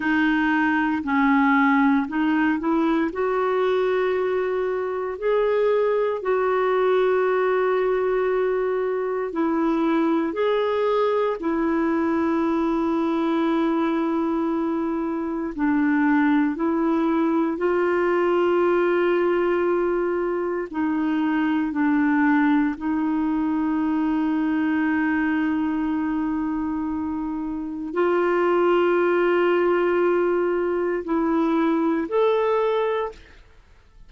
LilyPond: \new Staff \with { instrumentName = "clarinet" } { \time 4/4 \tempo 4 = 58 dis'4 cis'4 dis'8 e'8 fis'4~ | fis'4 gis'4 fis'2~ | fis'4 e'4 gis'4 e'4~ | e'2. d'4 |
e'4 f'2. | dis'4 d'4 dis'2~ | dis'2. f'4~ | f'2 e'4 a'4 | }